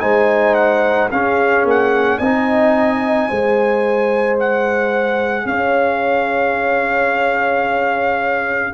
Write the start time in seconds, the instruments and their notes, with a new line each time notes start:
0.00 tuba G#3, trombone D#4, horn C5, trumpet G#5
0.54 trumpet F#5
1.11 tuba C#4, trombone C#4, horn G#4, trumpet F5
1.64 tuba A#3, trumpet F#5
2.18 tuba C4, trombone D#4, horn D#5, trumpet G#5
3.28 tuba G#3, trombone G#4, horn C5
4.40 trumpet F#5
5.45 tuba C#4, horn C#5, trumpet F5